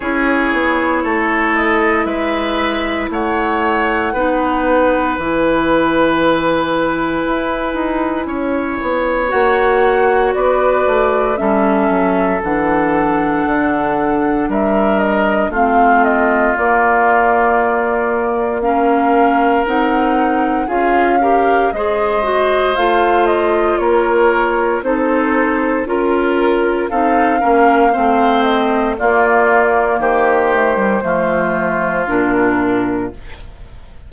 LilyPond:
<<
  \new Staff \with { instrumentName = "flute" } { \time 4/4 \tempo 4 = 58 cis''4. dis''8 e''4 fis''4~ | fis''4 gis''2.~ | gis''4 fis''4 d''4 e''4 | fis''2 e''8 dis''8 f''8 dis''8 |
d''2 f''4 fis''4 | f''4 dis''4 f''8 dis''8 cis''4 | c''4 ais'4 f''4. dis''8 | d''4 c''2 ais'4 | }
  \new Staff \with { instrumentName = "oboe" } { \time 4/4 gis'4 a'4 b'4 cis''4 | b'1 | cis''2 b'4 a'4~ | a'2 ais'4 f'4~ |
f'2 ais'2 | gis'8 ais'8 c''2 ais'4 | a'4 ais'4 a'8 ais'8 c''4 | f'4 g'4 f'2 | }
  \new Staff \with { instrumentName = "clarinet" } { \time 4/4 e'1 | dis'4 e'2.~ | e'4 fis'2 cis'4 | d'2. c'4 |
ais2 cis'4 dis'4 | f'8 g'8 gis'8 fis'8 f'2 | dis'4 f'4 dis'8 cis'8 c'4 | ais4. a16 g16 a4 d'4 | }
  \new Staff \with { instrumentName = "bassoon" } { \time 4/4 cis'8 b8 a4 gis4 a4 | b4 e2 e'8 dis'8 | cis'8 b8 ais4 b8 a8 g8 fis8 | e4 d4 g4 a4 |
ais2. c'4 | cis'4 gis4 a4 ais4 | c'4 cis'4 c'8 ais8 a4 | ais4 dis4 f4 ais,4 | }
>>